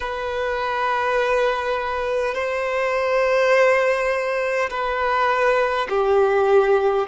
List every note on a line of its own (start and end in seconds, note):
0.00 2.34 B4
2.34 4.69 C5
4.70 5.87 B4
5.89 7.06 G4